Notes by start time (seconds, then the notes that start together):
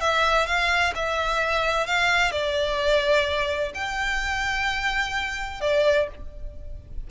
0.00 E5
0.46 F5
0.95 E5
1.86 F5
2.31 D5
3.74 G5
5.60 D5